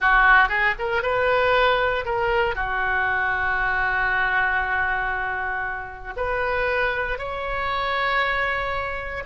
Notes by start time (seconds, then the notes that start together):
0.00 F#4
0.48 G#4
0.79 A#4
1.02 B4
2.05 A#4
2.55 F#4
6.16 B4
7.18 C#5